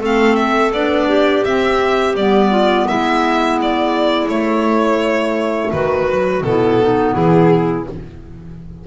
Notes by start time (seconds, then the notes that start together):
0.00 A3 C4 A4 F5
0.35 E5
0.72 B3 D4 D5
1.07 G4
1.44 C4 E5
2.14 G3 B3 D5
2.50 F4
2.87 G#3 E4 E5
3.61 D5
4.28 A3 C#5
5.71 D#3 F#4 B4
6.09 F#3
6.41 B2 B3 A4
6.48 E4
6.82 D#4
7.14 E3 E4 G#4